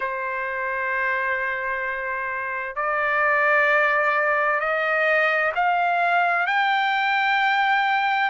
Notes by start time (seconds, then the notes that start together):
0.00 C5
2.75 D5
4.59 D#5
5.55 F5
6.47 G5